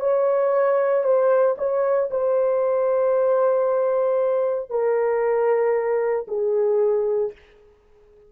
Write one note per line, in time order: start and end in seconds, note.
0.00 1.04 C#5
1.04 1.56 C5
1.58 2.10 C#5
2.11 4.70 C5
4.70 6.27 A#4
6.28 7.33 G#4